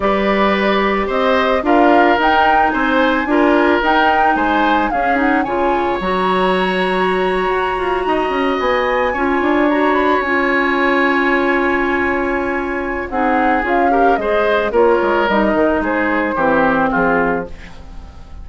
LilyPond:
<<
  \new Staff \with { instrumentName = "flute" } { \time 4/4 \tempo 4 = 110 d''2 dis''4 f''4 | g''4 gis''2 g''4 | gis''4 f''8 fis''8 gis''4 ais''4~ | ais''2.~ ais''8. gis''16~ |
gis''4.~ gis''16 ais''8 b''8 gis''4~ gis''16~ | gis''1 | fis''4 f''4 dis''4 cis''4 | dis''4 c''2 gis'4 | }
  \new Staff \with { instrumentName = "oboe" } { \time 4/4 b'2 c''4 ais'4~ | ais'4 c''4 ais'2 | c''4 gis'4 cis''2~ | cis''2~ cis''8. dis''4~ dis''16~ |
dis''8. cis''2.~ cis''16~ | cis''1 | gis'4. ais'8 c''4 ais'4~ | ais'4 gis'4 g'4 f'4 | }
  \new Staff \with { instrumentName = "clarinet" } { \time 4/4 g'2. f'4 | dis'2 f'4 dis'4~ | dis'4 cis'8 dis'8 f'4 fis'4~ | fis'1~ |
fis'8. f'4 fis'4 f'4~ f'16~ | f'1 | dis'4 f'8 g'8 gis'4 f'4 | dis'2 c'2 | }
  \new Staff \with { instrumentName = "bassoon" } { \time 4/4 g2 c'4 d'4 | dis'4 c'4 d'4 dis'4 | gis4 cis'4 cis4 fis4~ | fis4.~ fis16 fis'8 f'8 dis'8 cis'8 b16~ |
b8. cis'8 d'4. cis'4~ cis'16~ | cis'1 | c'4 cis'4 gis4 ais8 gis8 | g8 dis8 gis4 e4 f4 | }
>>